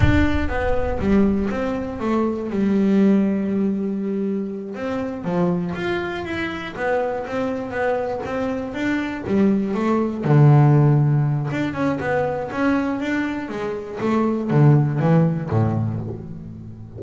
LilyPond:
\new Staff \with { instrumentName = "double bass" } { \time 4/4 \tempo 4 = 120 d'4 b4 g4 c'4 | a4 g2.~ | g4. c'4 f4 f'8~ | f'8 e'4 b4 c'4 b8~ |
b8 c'4 d'4 g4 a8~ | a8 d2~ d8 d'8 cis'8 | b4 cis'4 d'4 gis4 | a4 d4 e4 a,4 | }